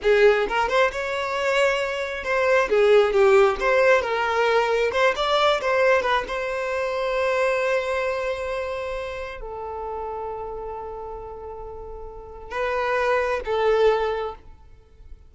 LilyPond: \new Staff \with { instrumentName = "violin" } { \time 4/4 \tempo 4 = 134 gis'4 ais'8 c''8 cis''2~ | cis''4 c''4 gis'4 g'4 | c''4 ais'2 c''8 d''8~ | d''8 c''4 b'8 c''2~ |
c''1~ | c''4 a'2.~ | a'1 | b'2 a'2 | }